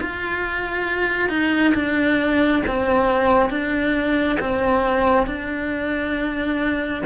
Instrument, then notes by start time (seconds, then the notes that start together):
cello
0.00 F4
1.29 D#4
1.74 D4
2.66 C4
3.49 D4
4.40 C4
5.26 D4